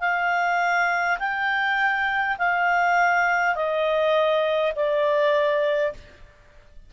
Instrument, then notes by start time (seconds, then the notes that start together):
clarinet
0.00 F5
1.19 G5
2.38 F5
3.55 D#5
4.75 D5